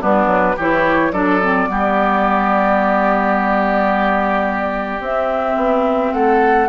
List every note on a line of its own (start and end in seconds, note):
0.00 0.27 G3
0.00 0.56 B3
0.00 0.56 D4
0.00 0.58 B4
0.27 0.55 F#3
0.56 1.12 E3
0.56 1.13 E4
0.56 1.12 G4
0.56 1.12 C#5
1.12 1.68 F#3
1.12 1.41 D4
1.12 1.68 A4
1.12 5.01 D5
1.42 1.67 C4
1.67 5.00 G3
1.67 5.00 B3
1.67 6.13 G4
5.00 5.55 C4
5.00 6.69 C4
5.00 6.13 E5
5.56 6.12 B3
6.13 6.69 A3
6.13 6.69 A4
6.13 6.69 F#5